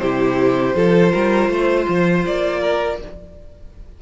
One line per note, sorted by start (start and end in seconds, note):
0.00 0.75 C3
0.00 0.75 E4
0.00 0.76 G4
0.00 2.25 C5
0.75 1.13 F3
0.75 3.00 F4
0.75 1.13 A4
1.13 1.49 G3
1.13 1.50 A#4
1.49 1.86 A3
1.49 2.61 C5
1.89 2.26 F3
2.27 3.02 A#3
2.27 3.02 D5
2.61 2.98 A#4